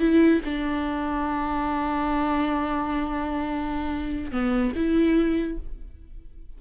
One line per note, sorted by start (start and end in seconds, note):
0.00 0.41 E4
0.45 4.32 D4
4.32 4.73 B3
4.76 5.58 E4